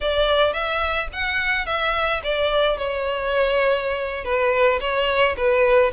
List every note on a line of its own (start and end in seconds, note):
0.01 0.53 D5
0.53 1.08 E5
1.12 1.66 F#5
1.66 2.21 E5
2.23 2.77 D5
2.77 4.24 C#5
4.24 4.79 B4
4.80 5.35 C#5
5.36 5.91 B4